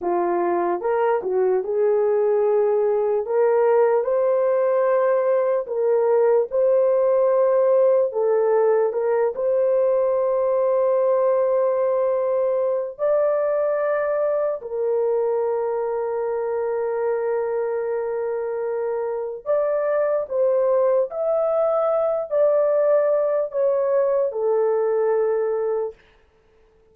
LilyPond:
\new Staff \with { instrumentName = "horn" } { \time 4/4 \tempo 4 = 74 f'4 ais'8 fis'8 gis'2 | ais'4 c''2 ais'4 | c''2 a'4 ais'8 c''8~ | c''1 |
d''2 ais'2~ | ais'1 | d''4 c''4 e''4. d''8~ | d''4 cis''4 a'2 | }